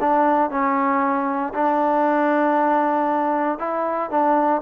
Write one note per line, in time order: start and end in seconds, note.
0.00 0.50 D4
0.50 1.53 C#4
1.53 3.59 D4
3.59 4.10 E4
4.10 4.61 D4